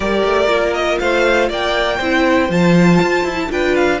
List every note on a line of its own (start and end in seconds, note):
0.00 0.23 G3
0.00 0.47 G4
0.00 1.00 A#4
0.00 0.73 D5
0.24 0.47 A3
0.47 0.97 A#3
0.47 1.97 F4
0.73 0.98 D#5
0.99 1.49 A3
0.99 1.49 C5
0.99 1.49 F5
1.49 1.99 A#3
1.49 1.97 D5
1.49 2.51 G5
1.97 2.49 C4
1.97 2.48 E4
1.97 3.47 C5
2.48 2.99 F3
2.48 3.36 F4
2.48 3.51 A5
3.01 3.24 F4
3.24 3.49 E4
3.36 3.49 E4
3.49 4.00 D4
3.49 3.99 F4
3.49 4.00 B4
3.49 3.75 G5
3.75 4.00 F5